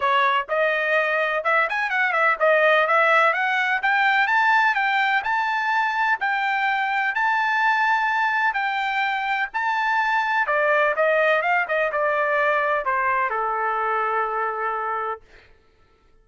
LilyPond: \new Staff \with { instrumentName = "trumpet" } { \time 4/4 \tempo 4 = 126 cis''4 dis''2 e''8 gis''8 | fis''8 e''8 dis''4 e''4 fis''4 | g''4 a''4 g''4 a''4~ | a''4 g''2 a''4~ |
a''2 g''2 | a''2 d''4 dis''4 | f''8 dis''8 d''2 c''4 | a'1 | }